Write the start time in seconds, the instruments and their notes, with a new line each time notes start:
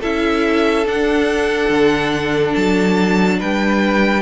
0.00 cello C#4, viola E4, violin A4 E5
0.86 cello D4, viola D4, violin F#5
1.70 cello D3
2.55 cello F#3, violin A5
3.39 cello G3, violin B4 G5